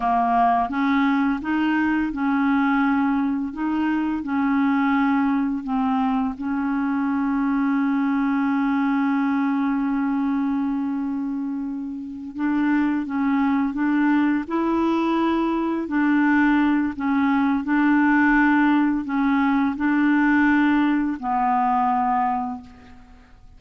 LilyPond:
\new Staff \with { instrumentName = "clarinet" } { \time 4/4 \tempo 4 = 85 ais4 cis'4 dis'4 cis'4~ | cis'4 dis'4 cis'2 | c'4 cis'2.~ | cis'1~ |
cis'4. d'4 cis'4 d'8~ | d'8 e'2 d'4. | cis'4 d'2 cis'4 | d'2 b2 | }